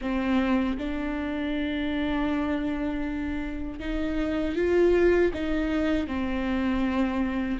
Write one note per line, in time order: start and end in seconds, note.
0.01 0.77 C4
0.77 3.79 D4
3.79 4.55 D#4
4.55 5.31 F4
5.33 6.07 D#4
6.07 7.59 C4